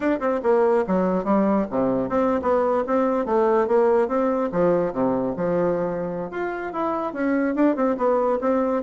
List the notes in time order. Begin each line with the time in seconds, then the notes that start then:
0.00 D4
0.20 C4
0.42 A#3
0.87 F#3
1.24 G3
1.70 C3
2.09 C4
2.41 B3
2.86 C4
3.25 A3
3.67 A#3
4.08 C4
4.52 F3
4.92 C3
5.36 F3
6.30 F4
6.72 E4
7.13 C#4
7.55 D4
7.75 C4
7.97 B3
8.40 C4